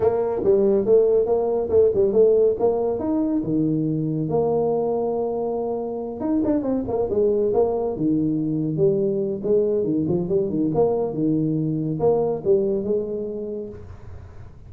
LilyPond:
\new Staff \with { instrumentName = "tuba" } { \time 4/4 \tempo 4 = 140 ais4 g4 a4 ais4 | a8 g8 a4 ais4 dis'4 | dis2 ais2~ | ais2~ ais8 dis'8 d'8 c'8 |
ais8 gis4 ais4 dis4.~ | dis8 g4. gis4 dis8 f8 | g8 dis8 ais4 dis2 | ais4 g4 gis2 | }